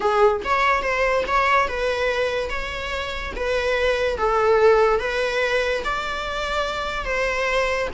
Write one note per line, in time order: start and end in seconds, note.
0.00 0.41 G#4
0.44 0.82 C#5
0.82 1.24 C5
1.27 1.68 C#5
1.68 2.49 B4
2.49 3.32 C#5
3.36 4.17 B4
4.17 4.99 A4
4.99 5.83 B4
5.84 7.04 D5
7.04 7.88 C5